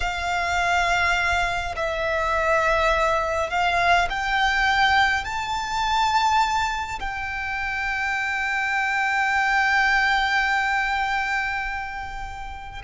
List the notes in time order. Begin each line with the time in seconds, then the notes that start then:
0.00 F5
1.76 E5
3.50 F5
4.09 G5
5.24 A5
6.99 G5